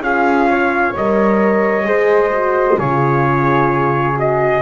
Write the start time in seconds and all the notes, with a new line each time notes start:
0.00 C#4 F4 G#4 F5
0.50 C#5
0.97 G3 A#4 D#5
1.85 G#3 G#4 C5
2.32 F#4
2.78 C#3 F4 G#4 C#5
4.17 F#4 D#5